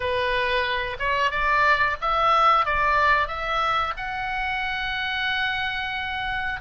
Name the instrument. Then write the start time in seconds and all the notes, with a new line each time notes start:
oboe
0.00 B4
0.99 C#5
1.30 D5
2.01 E5
2.65 D5
3.27 E5
3.96 F#5